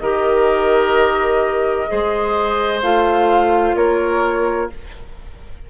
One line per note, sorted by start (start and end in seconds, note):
0.00 1.88 D#3
0.00 1.88 G4
0.00 1.90 A#4
0.00 2.81 D#5
1.88 2.82 G#3
1.88 2.81 G#4
1.88 3.76 C5
2.82 3.75 A3
2.82 4.70 F4
2.82 3.76 F5
3.75 4.69 A#3
3.75 4.70 A#4
3.75 4.70 C#5